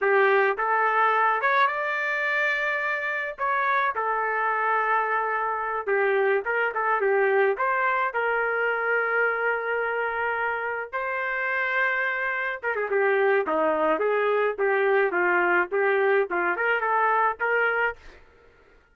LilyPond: \new Staff \with { instrumentName = "trumpet" } { \time 4/4 \tempo 4 = 107 g'4 a'4. cis''8 d''4~ | d''2 cis''4 a'4~ | a'2~ a'8 g'4 ais'8 | a'8 g'4 c''4 ais'4.~ |
ais'2.~ ais'8 c''8~ | c''2~ c''8 ais'16 gis'16 g'4 | dis'4 gis'4 g'4 f'4 | g'4 f'8 ais'8 a'4 ais'4 | }